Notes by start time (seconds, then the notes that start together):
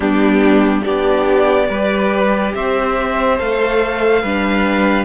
0.00 G3 B3 D4 G4
0.82 B3 D4 G4 D5
1.68 G3 G4 B4
2.54 C4 C5 E5
3.38 A3 A4 F5
4.21 G3 D4 B4